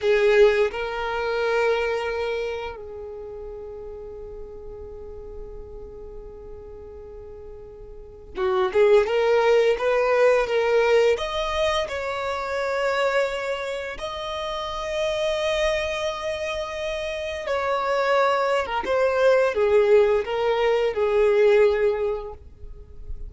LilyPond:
\new Staff \with { instrumentName = "violin" } { \time 4/4 \tempo 4 = 86 gis'4 ais'2. | gis'1~ | gis'1 | fis'8 gis'8 ais'4 b'4 ais'4 |
dis''4 cis''2. | dis''1~ | dis''4 cis''4.~ cis''16 ais'16 c''4 | gis'4 ais'4 gis'2 | }